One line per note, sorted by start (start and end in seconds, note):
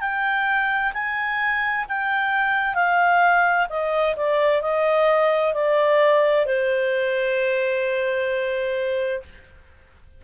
0.00 0.92 G5
0.93 1.85 G#5
1.88 2.74 G5
2.74 3.67 F5
3.69 4.15 D#5
4.16 4.62 D5
4.62 5.54 D#5
5.54 6.46 D5
6.46 9.23 C5